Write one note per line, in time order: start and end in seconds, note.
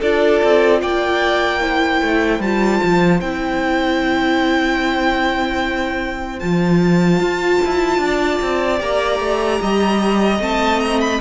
0.00 0.42 D4
0.00 1.61 F4
0.00 0.80 A4
0.00 0.82 D5
0.43 0.82 C4
0.82 2.01 A#3
0.82 1.61 D5
0.82 2.41 G5
1.61 2.41 E4
1.61 8.01 C5
2.01 2.39 A3
2.39 2.79 G3
2.39 3.22 F4
2.39 3.21 A5
2.83 3.21 F3
3.21 6.41 C4
3.21 6.40 E4
3.21 6.40 G5
6.40 7.20 F3
6.40 8.78 F4
6.40 8.79 A5
7.20 7.60 F4
7.65 7.98 E4
7.98 8.38 D4
8.05 9.62 D5
8.42 8.80 C4
8.78 9.20 A#3
8.78 10.38 G4
8.78 10.41 A#5
9.20 9.60 A3
9.62 10.40 G3
9.62 11.21 D#5
10.40 11.20 A3
10.40 11.20 C4
10.40 10.80 A5
10.80 11.00 A#5
11.01 11.21 B5